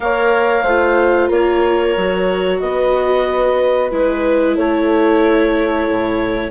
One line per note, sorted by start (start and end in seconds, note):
0.00 0.64 A#3
0.00 0.65 A#4
0.00 0.62 C#5
0.00 1.30 F5
0.62 1.29 A3
0.62 1.98 F4
0.62 1.27 C5
1.27 1.96 A#3
1.27 2.58 A#4
1.27 2.60 C#5
1.96 2.61 F#3
1.96 3.90 F#4
2.60 3.91 B3
2.60 4.55 B4
2.60 3.90 D#5
3.90 4.57 G#3
3.90 6.51 E4
3.90 4.57 B4
4.55 5.88 A3
4.55 6.51 A4
4.55 6.51 C#5
5.88 6.51 A2